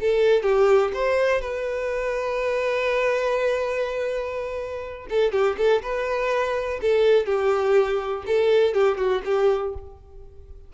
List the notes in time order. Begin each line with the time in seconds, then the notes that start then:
0.00 A4
0.43 G4
0.94 C5
1.41 B4
5.10 A4
5.32 G4
5.57 A4
5.82 B4
6.81 A4
7.26 G4
8.26 A4
8.74 G4
8.98 F#4
9.24 G4